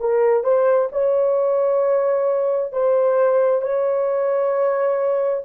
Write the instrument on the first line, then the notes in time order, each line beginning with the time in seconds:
horn
0.00 A#4
0.44 C5
0.92 C#5
2.73 C5
3.62 C#5